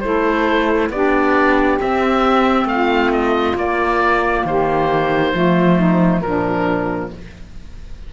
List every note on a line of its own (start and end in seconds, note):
0.00 0.89 A3
0.00 0.92 E4
0.00 0.90 A4
0.00 0.88 C5
0.89 1.78 B3
0.89 1.80 D4
0.89 2.67 G4
0.89 1.79 D5
1.80 3.56 C4
1.80 2.65 C4
1.80 2.67 E5
2.65 3.53 A3
2.65 4.46 F4
2.65 3.11 F5
3.12 3.56 D#5
3.55 4.43 A#3
3.55 5.34 A#3
3.55 4.46 D5
4.44 5.33 D#3
4.44 5.32 G4
4.44 6.21 C5
5.32 6.21 F3
5.32 6.23 A3
5.32 5.76 F4
5.76 6.20 D#4
6.21 7.09 A#2
6.21 7.12 F3
6.21 7.12 D4
6.21 7.09 A#4